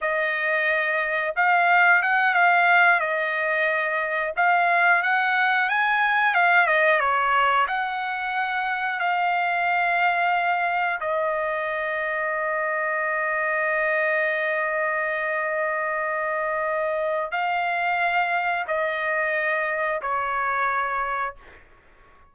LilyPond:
\new Staff \with { instrumentName = "trumpet" } { \time 4/4 \tempo 4 = 90 dis''2 f''4 fis''8 f''8~ | f''8 dis''2 f''4 fis''8~ | fis''8 gis''4 f''8 dis''8 cis''4 fis''8~ | fis''4. f''2~ f''8~ |
f''8 dis''2.~ dis''8~ | dis''1~ | dis''2 f''2 | dis''2 cis''2 | }